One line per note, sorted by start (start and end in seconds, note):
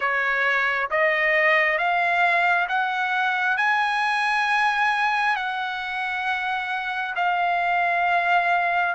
0.00 0.89 C#5
0.90 1.78 D#5
1.78 2.67 F5
2.68 3.57 F#5
3.57 5.35 G#5
5.35 7.14 F#5
7.15 8.94 F5